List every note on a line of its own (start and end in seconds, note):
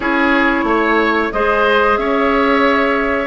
0.00 0.63 C#4
0.00 1.32 E4
0.00 0.64 G#4
0.00 1.32 C#5
0.63 1.29 A3
0.63 1.33 C#5
1.32 1.97 G#3
1.32 3.26 G#4
1.32 1.99 C5
1.32 1.97 D#5
1.97 3.26 C#4
1.97 3.26 C#5
1.97 3.26 E5